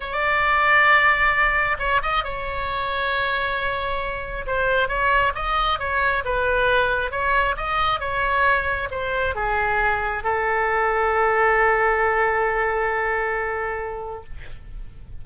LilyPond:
\new Staff \with { instrumentName = "oboe" } { \time 4/4 \tempo 4 = 135 d''1 | cis''8 dis''8 cis''2.~ | cis''2 c''4 cis''4 | dis''4 cis''4 b'2 |
cis''4 dis''4 cis''2 | c''4 gis'2 a'4~ | a'1~ | a'1 | }